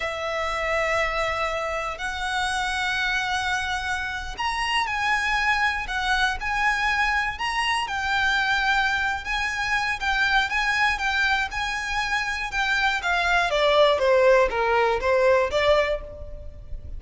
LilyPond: \new Staff \with { instrumentName = "violin" } { \time 4/4 \tempo 4 = 120 e''1 | fis''1~ | fis''8. ais''4 gis''2 fis''16~ | fis''8. gis''2 ais''4 g''16~ |
g''2~ g''8 gis''4. | g''4 gis''4 g''4 gis''4~ | gis''4 g''4 f''4 d''4 | c''4 ais'4 c''4 d''4 | }